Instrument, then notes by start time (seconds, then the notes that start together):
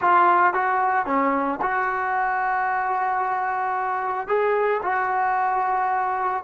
trombone
0.01 F4
0.53 F#4
1.06 C#4
1.61 F#4
4.27 G#4
4.83 F#4